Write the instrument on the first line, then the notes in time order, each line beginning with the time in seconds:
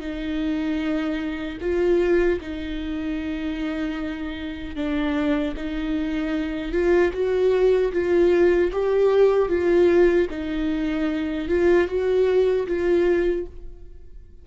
viola
0.00 D#4
1.61 F4
2.40 D#4
4.75 D4
5.57 D#4
6.72 F4
7.13 F#4
7.92 F4
8.72 G4
9.49 F4
10.30 D#4
11.48 F4
11.87 F#4
12.67 F4